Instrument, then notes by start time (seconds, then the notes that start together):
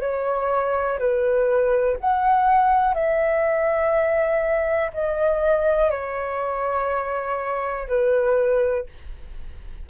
flute
0.00 C#5
0.98 B4
2.00 F#5
2.94 E5
4.93 D#5
5.90 C#5
7.88 B4